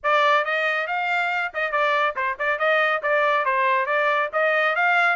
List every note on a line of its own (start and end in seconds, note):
0.03 0.44 D5
0.44 0.87 D#5
0.87 1.52 F5
1.53 1.71 D#5
1.71 2.14 D5
2.16 2.37 C5
2.38 2.58 D5
2.58 3.02 D#5
3.02 3.45 D5
3.45 3.86 C5
3.86 4.29 D5
4.33 4.75 D#5
4.75 5.16 F5